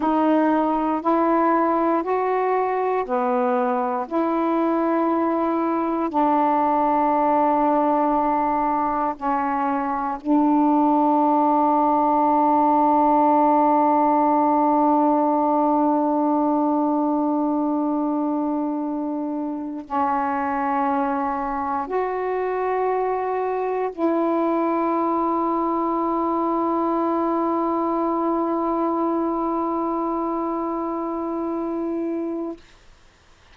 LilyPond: \new Staff \with { instrumentName = "saxophone" } { \time 4/4 \tempo 4 = 59 dis'4 e'4 fis'4 b4 | e'2 d'2~ | d'4 cis'4 d'2~ | d'1~ |
d'2.~ d'8 cis'8~ | cis'4. fis'2 e'8~ | e'1~ | e'1 | }